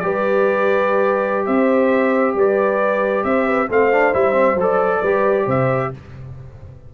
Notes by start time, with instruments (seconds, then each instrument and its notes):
0.00 tuba G3, trombone G4, horn B4, trumpet D5
1.46 tuba C4, horn C5, trumpet E5
2.35 tuba G3, horn B4, trumpet D5
3.24 tuba C4, horn C5, trumpet E5
3.46 horn B4
3.69 tuba A3, trombone C4, horn C5, trumpet F5
3.92 trombone D4
4.13 tuba G3, trombone E4, trumpet E5
4.33 trombone C4
4.55 tuba F#3, trombone A4
4.63 trumpet D5
5.01 tuba G3, trombone G4, horn B4
5.46 tuba C3, horn C5, trumpet E5